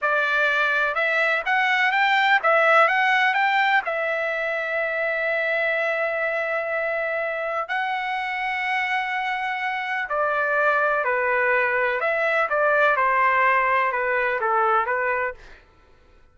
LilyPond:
\new Staff \with { instrumentName = "trumpet" } { \time 4/4 \tempo 4 = 125 d''2 e''4 fis''4 | g''4 e''4 fis''4 g''4 | e''1~ | e''1 |
fis''1~ | fis''4 d''2 b'4~ | b'4 e''4 d''4 c''4~ | c''4 b'4 a'4 b'4 | }